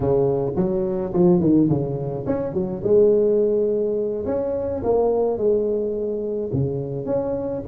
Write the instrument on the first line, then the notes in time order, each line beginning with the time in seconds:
tuba
0.00 C#3
0.56 F#3
1.13 F3
1.40 D#3
1.69 C#3
2.26 C#4
2.53 F#3
2.83 G#3
4.25 C#4
4.83 A#3
5.37 G#3
6.52 C#3
7.05 C#4